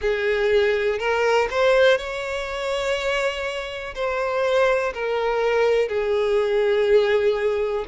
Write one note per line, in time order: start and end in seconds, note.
0.00 0.98 G#4
0.98 1.48 A#4
1.50 1.97 C5
1.97 3.94 C#5
3.94 4.93 C5
4.94 5.88 A#4
5.88 7.85 G#4